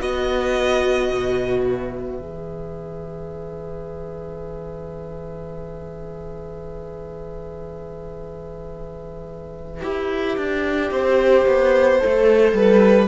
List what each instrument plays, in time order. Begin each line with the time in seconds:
0.00 cello B3, viola F#4, violin B4 D#5
1.11 cello B2
1.65 violin E5
2.19 cello E3, viola G#4
9.81 cello E4, viola G4
10.37 cello D4
10.92 cello C4, violin C5
11.47 cello B3
12.01 cello A3, viola A4
12.52 cello G3, violin B4